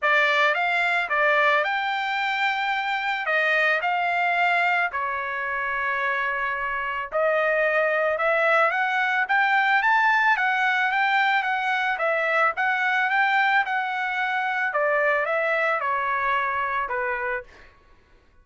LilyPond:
\new Staff \with { instrumentName = "trumpet" } { \time 4/4 \tempo 4 = 110 d''4 f''4 d''4 g''4~ | g''2 dis''4 f''4~ | f''4 cis''2.~ | cis''4 dis''2 e''4 |
fis''4 g''4 a''4 fis''4 | g''4 fis''4 e''4 fis''4 | g''4 fis''2 d''4 | e''4 cis''2 b'4 | }